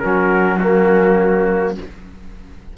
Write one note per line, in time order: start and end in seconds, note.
0.00 1.78 F#3
0.00 0.60 C#4
0.00 0.58 F#4
0.00 0.58 A#4
0.58 1.76 A#3
0.58 1.74 C#4
0.58 1.75 F#4